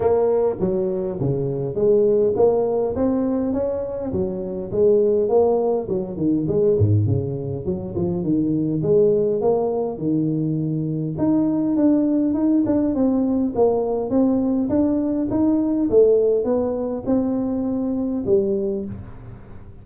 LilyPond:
\new Staff \with { instrumentName = "tuba" } { \time 4/4 \tempo 4 = 102 ais4 fis4 cis4 gis4 | ais4 c'4 cis'4 fis4 | gis4 ais4 fis8 dis8 gis8 gis,8 | cis4 fis8 f8 dis4 gis4 |
ais4 dis2 dis'4 | d'4 dis'8 d'8 c'4 ais4 | c'4 d'4 dis'4 a4 | b4 c'2 g4 | }